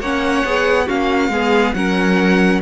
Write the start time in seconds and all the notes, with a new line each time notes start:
0.00 A#3 C#4 C#5 F#5
0.44 B3 G#4
0.86 A#3 C#4 F#4 F5
1.29 G#3 B3 G#4
1.74 F#3 C#4 A#4 F#5